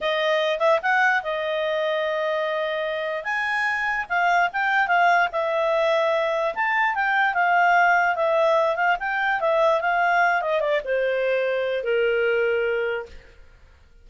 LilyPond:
\new Staff \with { instrumentName = "clarinet" } { \time 4/4 \tempo 4 = 147 dis''4. e''8 fis''4 dis''4~ | dis''1 | gis''2 f''4 g''4 | f''4 e''2. |
a''4 g''4 f''2 | e''4. f''8 g''4 e''4 | f''4. dis''8 d''8 c''4.~ | c''4 ais'2. | }